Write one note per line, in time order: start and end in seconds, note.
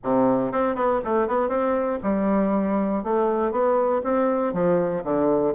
0.03 0.52 C3
0.52 0.75 C4
0.75 1.00 B3
1.04 1.27 A3
1.27 1.48 B3
1.48 1.99 C4
2.02 3.03 G3
3.03 3.51 A3
3.51 4.02 B3
4.03 4.53 C4
4.53 5.03 F3
5.04 5.54 D3